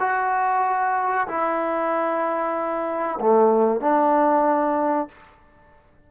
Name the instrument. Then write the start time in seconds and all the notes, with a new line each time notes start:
trombone
0.00 F#4
1.28 E4
3.20 A3
3.81 D4